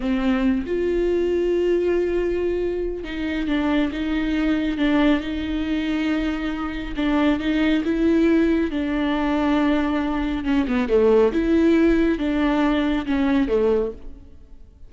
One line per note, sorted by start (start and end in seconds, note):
0.00 0.64 C4
0.66 3.04 F4
3.04 3.47 D#4
3.47 3.91 D4
3.92 4.77 D#4
4.77 5.20 D4
5.20 6.94 D#4
6.96 7.39 D4
7.39 7.83 D#4
7.84 8.71 E4
8.71 10.44 D4
10.44 10.66 C#4
10.67 10.88 B3
10.88 11.32 A3
11.32 12.18 E4
12.18 13.05 D4
13.06 13.48 C#4
13.48 13.91 A3